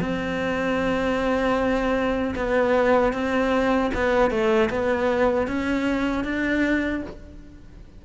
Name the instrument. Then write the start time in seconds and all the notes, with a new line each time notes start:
cello
0.00 C4
2.35 B3
3.13 C4
3.94 B3
4.30 A3
4.70 B3
5.47 C#4
6.24 D4